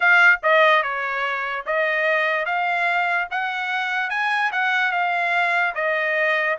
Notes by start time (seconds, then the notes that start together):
0.00 F5
0.43 D#5
0.82 C#5
1.66 D#5
2.45 F5
3.31 F#5
4.10 G#5
4.52 F#5
4.91 F5
5.74 D#5